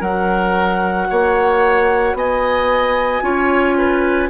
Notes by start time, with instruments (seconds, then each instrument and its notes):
0.00 bassoon F#3, clarinet F#4, oboe A#4, flute F#5
1.09 bassoon A#3, oboe C#5
2.14 bassoon B3, oboe D#5, flute G#5
3.22 bassoon C#4, clarinet F4, oboe C#5
3.77 oboe B4